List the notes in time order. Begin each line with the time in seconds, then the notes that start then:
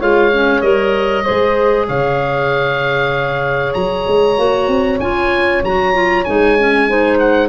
0.00 G#3 F4 C#5 F5
0.32 C#4
0.62 G3 A#4 D#5
1.25 G#3 G#4 C5
1.88 C#3 C#5 F5
3.74 F#3 A#5
4.08 G#3
4.37 A#3 F#4
4.68 C4
5.00 C#4 F4 G#5
5.63 F#3 F#4 A#5
5.94 F4
6.25 G#3 D#4 G#5
6.59 C#4
6.89 D#4 C5
7.20 F#5